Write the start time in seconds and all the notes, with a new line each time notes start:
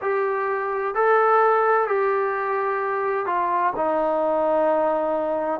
0.01 G4
0.95 A4
1.87 G4
3.26 F4
3.76 D#4